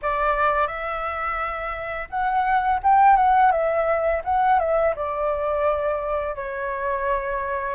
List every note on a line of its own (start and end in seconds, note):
0.02 0.67 D5
0.67 2.08 E5
2.10 2.80 F#5
2.83 3.16 G5
3.16 3.51 F#5
3.51 4.22 E5
4.24 4.59 F#5
4.59 4.94 E5
4.95 6.35 D5
6.35 7.75 C#5